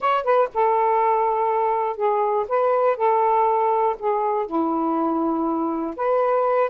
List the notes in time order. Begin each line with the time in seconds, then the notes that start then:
0.00 C#5
0.23 B4
0.53 A4
1.96 G#4
2.48 B4
2.96 A4
3.99 G#4
4.46 E4
5.96 B4